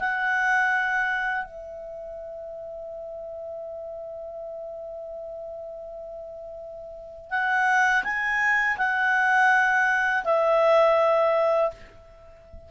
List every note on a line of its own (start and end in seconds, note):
0.00 1.45 F#5
1.45 7.30 E5
7.31 8.04 F#5
8.04 8.77 G#5
8.78 10.24 F#5
10.25 11.71 E5